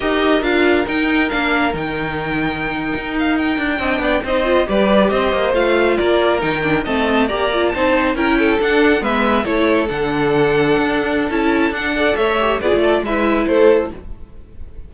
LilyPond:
<<
  \new Staff \with { instrumentName = "violin" } { \time 4/4 \tempo 4 = 138 dis''4 f''4 g''4 f''4 | g''2.~ g''16 f''8 g''16~ | g''4.~ g''16 dis''4 d''4 dis''16~ | dis''8. f''4 d''4 g''4 a''16~ |
a''8. ais''4 a''4 g''4 fis''16~ | fis''8. e''4 cis''4 fis''4~ fis''16~ | fis''2 a''4 fis''4 | e''4 d''4 e''4 c''4 | }
  \new Staff \with { instrumentName = "violin" } { \time 4/4 ais'1~ | ais'1~ | ais'8. dis''8 d''8 c''4 b'4 c''16~ | c''4.~ c''16 ais'2 dis''16~ |
dis''8. d''4 c''4 ais'8 a'8.~ | a'8. b'4 a'2~ a'16~ | a'2.~ a'8 d''8 | cis''4 gis'8 a'8 b'4 a'4 | }
  \new Staff \with { instrumentName = "viola" } { \time 4/4 g'4 f'4 dis'4 d'4 | dis'1~ | dis'8. d'4 dis'8 f'8 g'4~ g'16~ | g'8. f'2 dis'8 d'8 c'16~ |
c'8. g'8 f'8 dis'4 e'4 d'16~ | d'8. b4 e'4 d'4~ d'16~ | d'2 e'4 d'8 a'8~ | a'8 g'8 f'4 e'2 | }
  \new Staff \with { instrumentName = "cello" } { \time 4/4 dis'4 d'4 dis'4 ais4 | dis2~ dis8. dis'4~ dis'16~ | dis'16 d'8 c'8 b8 c'4 g4 c'16~ | c'16 ais8 a4 ais4 dis4 a16~ |
a8. ais4 c'4 cis'4 d'16~ | d'8. gis4 a4 d4~ d16~ | d8. d'4~ d'16 cis'4 d'4 | a4 b16 a8. gis4 a4 | }
>>